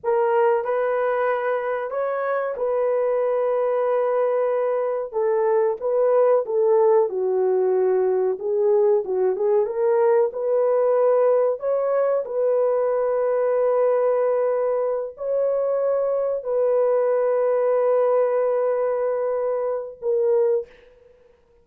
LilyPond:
\new Staff \with { instrumentName = "horn" } { \time 4/4 \tempo 4 = 93 ais'4 b'2 cis''4 | b'1 | a'4 b'4 a'4 fis'4~ | fis'4 gis'4 fis'8 gis'8 ais'4 |
b'2 cis''4 b'4~ | b'2.~ b'8 cis''8~ | cis''4. b'2~ b'8~ | b'2. ais'4 | }